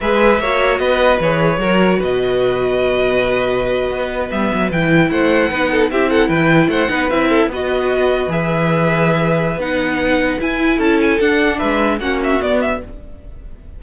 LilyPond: <<
  \new Staff \with { instrumentName = "violin" } { \time 4/4 \tempo 4 = 150 e''2 dis''4 cis''4~ | cis''4 dis''2.~ | dis''2~ dis''8. e''4 g''16~ | g''8. fis''2 e''8 fis''8 g''16~ |
g''8. fis''4 e''4 dis''4~ dis''16~ | dis''8. e''2.~ e''16 | fis''2 gis''4 a''8 gis''8 | fis''4 e''4 fis''8 e''8 d''8 e''8 | }
  \new Staff \with { instrumentName = "violin" } { \time 4/4 b'4 cis''4 b'2 | ais'4 b'2.~ | b'1~ | b'8. c''4 b'8 a'8 g'8 a'8 b'16~ |
b'8. c''8 b'4 a'8 b'4~ b'16~ | b'1~ | b'2. a'4~ | a'4 b'4 fis'2 | }
  \new Staff \with { instrumentName = "viola" } { \time 4/4 gis'4 fis'2 gis'4 | fis'1~ | fis'2~ fis'8. b4 e'16~ | e'4.~ e'16 dis'4 e'4~ e'16~ |
e'4~ e'16 dis'8 e'4 fis'4~ fis'16~ | fis'8. gis'2.~ gis'16 | dis'2 e'2 | d'2 cis'4 b4 | }
  \new Staff \with { instrumentName = "cello" } { \time 4/4 gis4 ais4 b4 e4 | fis4 b,2.~ | b,4.~ b,16 b4 g8 fis8 e16~ | e8. a4 b4 c'4 e16~ |
e8. a8 b8 c'4 b4~ b16~ | b8. e2.~ e16 | b2 e'4 cis'4 | d'4 gis4 ais4 b4 | }
>>